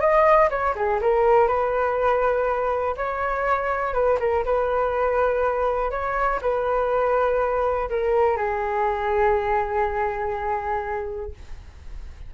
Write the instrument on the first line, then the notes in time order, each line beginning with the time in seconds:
flute
0.00 D#5
0.50 C#5
0.75 G#4
1.01 A#4
1.47 B4
2.97 C#5
3.93 B4
4.20 A#4
4.45 B4
5.91 C#5
6.42 B4
7.90 A#4
8.37 G#4